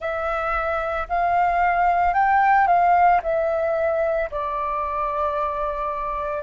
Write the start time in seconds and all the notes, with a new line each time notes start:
0.00 E5
1.09 F5
2.13 G5
2.67 F5
3.22 E5
4.31 D5